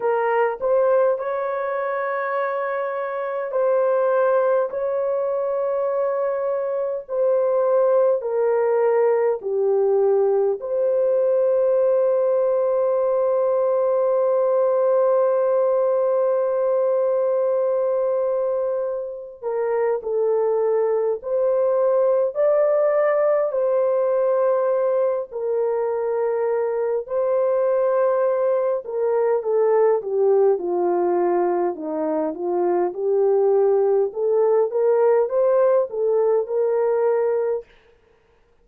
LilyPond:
\new Staff \with { instrumentName = "horn" } { \time 4/4 \tempo 4 = 51 ais'8 c''8 cis''2 c''4 | cis''2 c''4 ais'4 | g'4 c''2.~ | c''1~ |
c''8 ais'8 a'4 c''4 d''4 | c''4. ais'4. c''4~ | c''8 ais'8 a'8 g'8 f'4 dis'8 f'8 | g'4 a'8 ais'8 c''8 a'8 ais'4 | }